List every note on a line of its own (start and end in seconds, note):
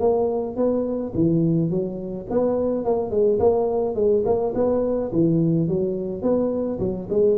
0.00 0.57 A#3
0.57 1.13 B3
1.15 1.70 E3
1.70 2.27 F#3
2.30 2.85 B3
2.85 3.11 A#3
3.11 3.39 G#3
3.40 3.95 A#3
3.95 4.23 G#3
4.26 4.54 A#3
4.55 5.11 B3
5.12 5.68 E3
5.68 6.22 F#3
6.22 6.79 B3
6.80 7.08 F#3
7.10 7.38 G#3